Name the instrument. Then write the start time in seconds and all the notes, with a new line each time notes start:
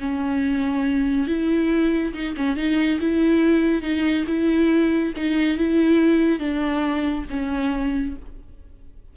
viola
0.00 C#4
1.28 E4
2.14 D#4
2.37 C#4
2.57 D#4
3.01 E4
3.82 D#4
4.28 E4
5.17 D#4
5.58 E4
6.40 D4
7.30 C#4